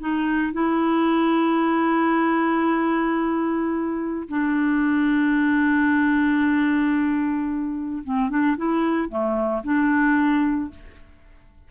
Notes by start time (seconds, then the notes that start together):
0.00 D#4
0.53 E4
4.29 D4
8.05 C4
8.30 D4
8.57 E4
9.09 A3
9.64 D4